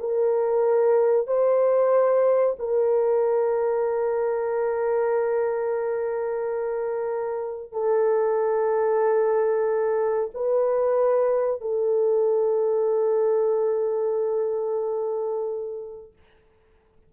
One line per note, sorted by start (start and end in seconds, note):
0.00 1.27 A#4
1.27 2.56 C5
2.59 7.72 A#4
7.72 10.30 A4
10.35 11.61 B4
11.61 16.13 A4